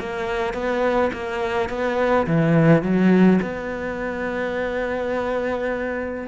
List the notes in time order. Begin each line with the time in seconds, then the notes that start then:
0.00 A#3
0.54 B3
1.13 A#3
1.70 B3
2.27 E3
2.83 F#3
3.43 B3